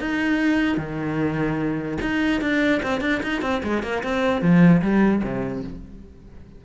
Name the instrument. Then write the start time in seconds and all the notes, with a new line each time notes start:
cello
0.00 D#4
0.77 D#3
2.01 D#4
2.41 D4
2.83 C4
3.01 D4
3.23 D#4
3.42 C4
3.63 G#3
3.83 A#3
4.03 C4
4.41 F3
4.82 G3
5.23 C3